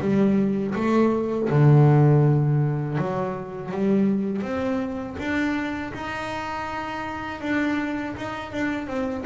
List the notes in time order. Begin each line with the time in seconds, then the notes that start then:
0.00 G3
0.75 A3
1.49 D3
2.97 F#3
3.71 G3
4.42 C4
5.19 D4
5.93 D#4
7.41 D4
8.16 D#4
8.52 D4
8.87 C4